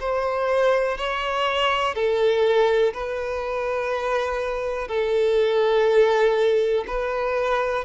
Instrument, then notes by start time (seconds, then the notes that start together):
violin
0.00 C5
0.97 C#5
1.95 A4
2.93 B4
4.88 A4
6.87 B4